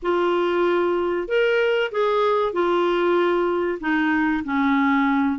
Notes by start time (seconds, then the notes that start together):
0.02 F4
1.28 A#4
1.91 G#4
2.52 F4
3.80 D#4
4.44 C#4